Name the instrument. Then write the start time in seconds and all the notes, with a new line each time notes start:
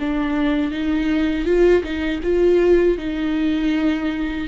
viola
0.00 D4
0.72 D#4
1.46 F4
1.83 D#4
2.23 F4
2.98 D#4